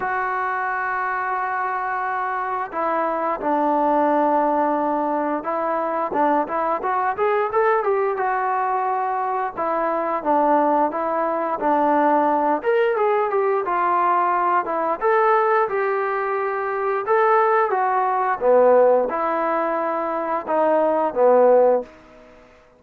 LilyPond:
\new Staff \with { instrumentName = "trombone" } { \time 4/4 \tempo 4 = 88 fis'1 | e'4 d'2. | e'4 d'8 e'8 fis'8 gis'8 a'8 g'8 | fis'2 e'4 d'4 |
e'4 d'4. ais'8 gis'8 g'8 | f'4. e'8 a'4 g'4~ | g'4 a'4 fis'4 b4 | e'2 dis'4 b4 | }